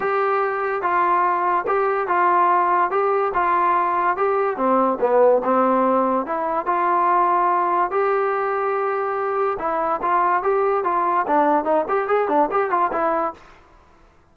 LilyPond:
\new Staff \with { instrumentName = "trombone" } { \time 4/4 \tempo 4 = 144 g'2 f'2 | g'4 f'2 g'4 | f'2 g'4 c'4 | b4 c'2 e'4 |
f'2. g'4~ | g'2. e'4 | f'4 g'4 f'4 d'4 | dis'8 g'8 gis'8 d'8 g'8 f'8 e'4 | }